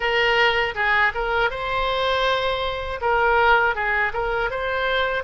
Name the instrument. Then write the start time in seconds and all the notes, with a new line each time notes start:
oboe
0.00 A#4
0.74 G#4
1.14 A#4
1.50 C5
3.01 A#4
3.75 G#4
4.12 A#4
4.50 C5